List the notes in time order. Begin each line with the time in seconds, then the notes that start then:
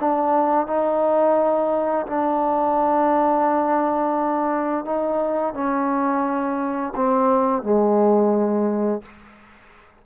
0.00 D4
0.67 D#4
2.06 D4
4.85 D#4
5.54 C#4
6.95 C4
7.63 G#3